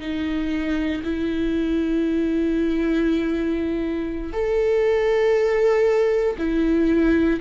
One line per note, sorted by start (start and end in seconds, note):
0.00 1.02 D#4
1.04 4.33 E4
4.33 6.36 A4
6.38 7.40 E4